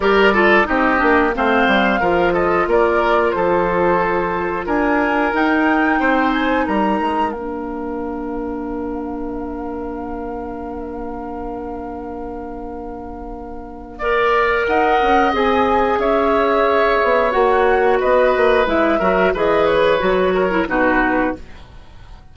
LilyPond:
<<
  \new Staff \with { instrumentName = "flute" } { \time 4/4 \tempo 4 = 90 d''4 dis''4 f''4. dis''8 | d''4 c''2 gis''4 | g''4. gis''8 ais''4 f''4~ | f''1~ |
f''1~ | f''2 fis''4 gis''4 | e''2 fis''4 dis''4 | e''4 dis''8 cis''4. b'4 | }
  \new Staff \with { instrumentName = "oboe" } { \time 4/4 ais'8 a'8 g'4 c''4 ais'8 a'8 | ais'4 a'2 ais'4~ | ais'4 c''4 ais'2~ | ais'1~ |
ais'1~ | ais'4 d''4 dis''2 | cis''2. b'4~ | b'8 ais'8 b'4. ais'8 fis'4 | }
  \new Staff \with { instrumentName = "clarinet" } { \time 4/4 g'8 f'8 dis'8 d'8 c'4 f'4~ | f'1 | dis'2. d'4~ | d'1~ |
d'1~ | d'4 ais'2 gis'4~ | gis'2 fis'2 | e'8 fis'8 gis'4 fis'8. e'16 dis'4 | }
  \new Staff \with { instrumentName = "bassoon" } { \time 4/4 g4 c'8 ais8 a8 g8 f4 | ais4 f2 d'4 | dis'4 c'4 g8 gis8 ais4~ | ais1~ |
ais1~ | ais2 dis'8 cis'8 c'4 | cis'4. b8 ais4 b8 ais8 | gis8 fis8 e4 fis4 b,4 | }
>>